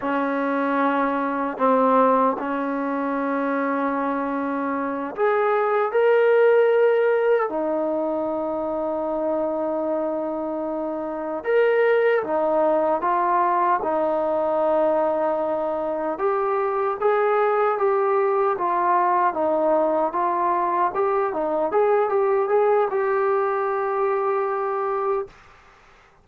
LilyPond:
\new Staff \with { instrumentName = "trombone" } { \time 4/4 \tempo 4 = 76 cis'2 c'4 cis'4~ | cis'2~ cis'8 gis'4 ais'8~ | ais'4. dis'2~ dis'8~ | dis'2~ dis'8 ais'4 dis'8~ |
dis'8 f'4 dis'2~ dis'8~ | dis'8 g'4 gis'4 g'4 f'8~ | f'8 dis'4 f'4 g'8 dis'8 gis'8 | g'8 gis'8 g'2. | }